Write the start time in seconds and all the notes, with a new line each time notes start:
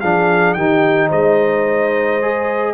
0.00 F3 D4 G#4 F5
0.53 D#3 D#4 G4 G5
1.08 G#3 C5 D#5
2.22 G#4